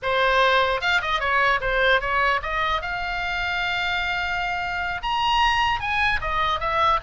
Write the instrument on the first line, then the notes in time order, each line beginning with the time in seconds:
oboe
0.02 C5
0.81 F5
1.01 D#5
1.19 C#5
1.60 C5
2.00 C#5
2.42 D#5
2.81 F5
5.02 A#5
5.80 G#5
6.21 D#5
6.59 E5